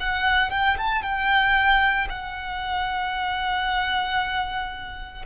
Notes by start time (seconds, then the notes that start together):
0.00 F#5
0.51 G5
0.78 A5
1.02 G5
2.10 F#5